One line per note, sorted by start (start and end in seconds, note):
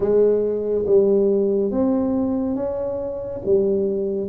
0.00 0.85 G#3
0.86 1.71 G3
1.71 2.55 C4
2.55 3.41 C#4
3.45 4.29 G3